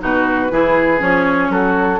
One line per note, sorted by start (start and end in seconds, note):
0.00 0.51 B2
0.00 0.50 D#4
0.00 0.52 F#4
0.00 1.02 B4
0.50 1.01 E3
0.50 0.99 E4
0.50 1.52 G#4
0.99 1.49 F3
0.99 1.99 C#4
0.99 1.52 C#5
1.49 2.00 F#3
1.49 2.00 F#4
1.49 2.00 A4